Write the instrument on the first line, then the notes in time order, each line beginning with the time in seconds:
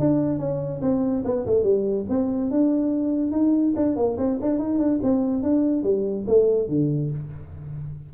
tuba
0.00 D4
0.39 C#4
0.82 C4
1.25 B3
1.46 A3
1.64 G3
2.10 C4
2.51 D4
3.32 D#4
3.77 D4
3.97 A#3
4.18 C4
4.42 D4
4.59 D#4
4.79 D4
5.03 C4
5.43 D4
5.84 G3
6.28 A3
6.69 D3